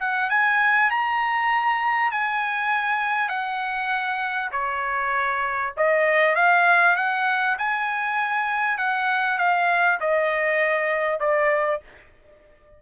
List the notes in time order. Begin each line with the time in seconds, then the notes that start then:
0.00 F#5
0.29 G#5
0.90 A#5
2.11 G#5
3.29 F#5
4.52 C#5
5.77 D#5
6.35 F5
6.96 F#5
7.58 G#5
8.78 F#5
9.38 F5
10.00 D#5
11.20 D5